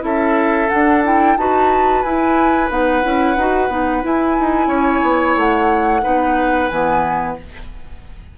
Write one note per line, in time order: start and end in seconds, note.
0.00 0.69 C#4
0.00 0.67 E4
0.00 1.38 A4
0.00 0.69 E5
0.69 1.04 D4
0.69 1.36 D4
0.69 1.02 F#5
1.04 1.37 E4
1.04 1.37 G5
1.36 2.03 D#4
1.36 2.04 F#4
1.36 4.68 B4
1.36 2.02 A5
2.02 2.70 E4
2.02 2.69 E4
2.02 2.69 G#5
2.69 3.03 B3
2.69 3.02 D#4
2.69 4.04 F#5
3.02 3.36 C#4
3.02 3.36 E4
3.36 3.68 D#4
3.36 3.69 F#4
3.68 4.02 B3
3.68 4.02 D#4
4.02 6.02 E4
4.02 4.38 E4
4.02 5.37 G#5
4.39 4.67 D#4
4.67 5.00 C#4
4.67 6.01 C#5
5.02 5.36 B3
5.36 6.02 A3
5.36 6.68 F#5
6.02 6.70 B3
6.02 6.69 D#4
6.02 7.36 B4
6.68 7.37 E3
6.68 7.38 B3
6.68 7.35 G#5